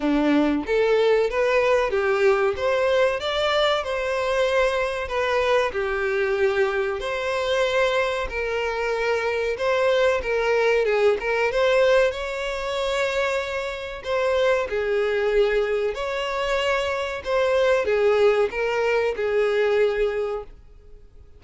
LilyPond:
\new Staff \with { instrumentName = "violin" } { \time 4/4 \tempo 4 = 94 d'4 a'4 b'4 g'4 | c''4 d''4 c''2 | b'4 g'2 c''4~ | c''4 ais'2 c''4 |
ais'4 gis'8 ais'8 c''4 cis''4~ | cis''2 c''4 gis'4~ | gis'4 cis''2 c''4 | gis'4 ais'4 gis'2 | }